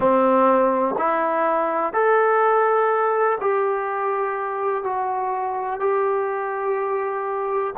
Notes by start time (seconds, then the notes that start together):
0.00 C4
0.98 E4
1.93 A4
3.40 G4
4.83 F#4
5.80 G4